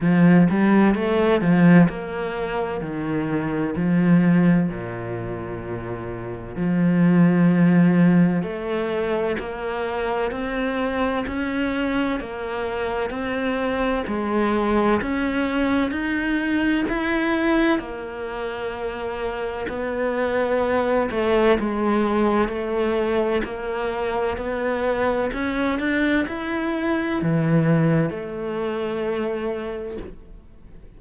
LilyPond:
\new Staff \with { instrumentName = "cello" } { \time 4/4 \tempo 4 = 64 f8 g8 a8 f8 ais4 dis4 | f4 ais,2 f4~ | f4 a4 ais4 c'4 | cis'4 ais4 c'4 gis4 |
cis'4 dis'4 e'4 ais4~ | ais4 b4. a8 gis4 | a4 ais4 b4 cis'8 d'8 | e'4 e4 a2 | }